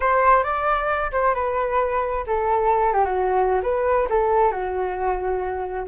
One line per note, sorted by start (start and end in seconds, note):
0.00 0.43 C5
0.43 1.11 D5
1.11 1.34 C5
1.34 2.24 B4
2.26 2.93 A4
2.93 3.04 G4
3.04 3.61 F#4
3.62 4.07 B4
4.09 4.51 A4
4.51 5.86 F#4